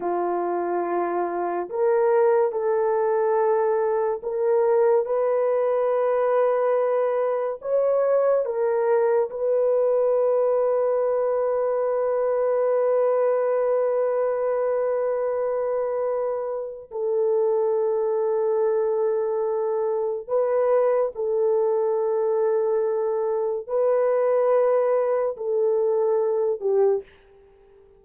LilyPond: \new Staff \with { instrumentName = "horn" } { \time 4/4 \tempo 4 = 71 f'2 ais'4 a'4~ | a'4 ais'4 b'2~ | b'4 cis''4 ais'4 b'4~ | b'1~ |
b'1 | a'1 | b'4 a'2. | b'2 a'4. g'8 | }